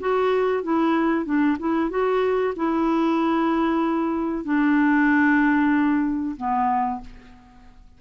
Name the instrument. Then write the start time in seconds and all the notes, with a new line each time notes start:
clarinet
0.00 F#4
0.63 E4
1.25 D4
1.59 E4
1.90 F#4
2.56 E4
4.44 D4
6.37 B3